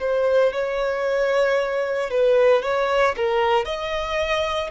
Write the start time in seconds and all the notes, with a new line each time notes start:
0.00 C5
0.53 C#5
2.11 B4
2.63 C#5
3.17 A#4
3.66 D#5